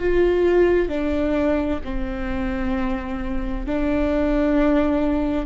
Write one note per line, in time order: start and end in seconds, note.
0.00 0.89 F4
0.89 1.80 D4
1.85 3.67 C4
3.67 5.47 D4